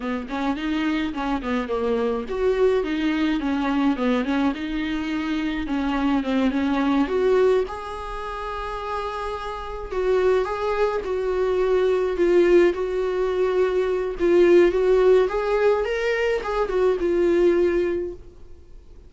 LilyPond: \new Staff \with { instrumentName = "viola" } { \time 4/4 \tempo 4 = 106 b8 cis'8 dis'4 cis'8 b8 ais4 | fis'4 dis'4 cis'4 b8 cis'8 | dis'2 cis'4 c'8 cis'8~ | cis'8 fis'4 gis'2~ gis'8~ |
gis'4. fis'4 gis'4 fis'8~ | fis'4. f'4 fis'4.~ | fis'4 f'4 fis'4 gis'4 | ais'4 gis'8 fis'8 f'2 | }